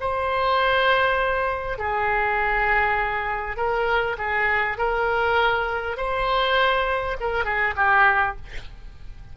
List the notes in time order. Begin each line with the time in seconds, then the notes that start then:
0.00 C5
1.78 G#4
3.56 A#4
4.18 G#4
4.78 A#4
5.97 C5
7.20 A#4
7.44 G#4
7.76 G4